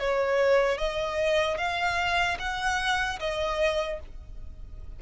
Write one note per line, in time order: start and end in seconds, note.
0.00 0.79 C#5
0.79 1.58 D#5
1.58 2.38 F5
2.40 3.20 F#5
3.20 4.00 D#5